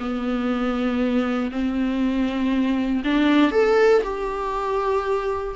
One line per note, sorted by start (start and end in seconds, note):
0.00 1.51 B3
1.51 3.03 C4
3.04 3.52 D4
3.52 4.02 A4
4.04 5.55 G4